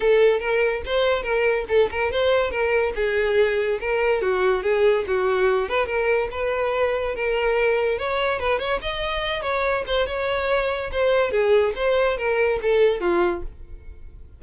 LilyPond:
\new Staff \with { instrumentName = "violin" } { \time 4/4 \tempo 4 = 143 a'4 ais'4 c''4 ais'4 | a'8 ais'8 c''4 ais'4 gis'4~ | gis'4 ais'4 fis'4 gis'4 | fis'4. b'8 ais'4 b'4~ |
b'4 ais'2 cis''4 | b'8 cis''8 dis''4. cis''4 c''8 | cis''2 c''4 gis'4 | c''4 ais'4 a'4 f'4 | }